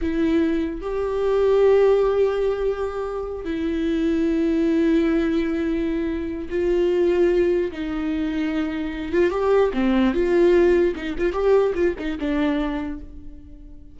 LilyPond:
\new Staff \with { instrumentName = "viola" } { \time 4/4 \tempo 4 = 148 e'2 g'2~ | g'1~ | g'8 e'2.~ e'8~ | e'1 |
f'2. dis'4~ | dis'2~ dis'8 f'8 g'4 | c'4 f'2 dis'8 f'8 | g'4 f'8 dis'8 d'2 | }